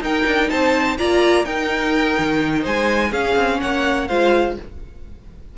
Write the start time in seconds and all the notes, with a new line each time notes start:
0.00 D#4 A#4 G5
0.26 D4
0.49 C4 C5 A5
0.98 A#3 F4 D5 A#5
1.44 D#4 A#4 G5
2.18 D#3
2.62 G#3 C5 G#5
3.10 C#4 G#4 F5
3.36 C4
3.60 A#3 C#5 F#5
4.08 G#3 F4 C5 F5